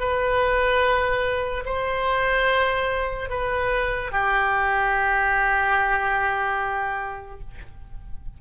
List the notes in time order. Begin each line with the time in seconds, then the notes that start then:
0.00 B4
1.66 C5
3.30 B4
4.12 G4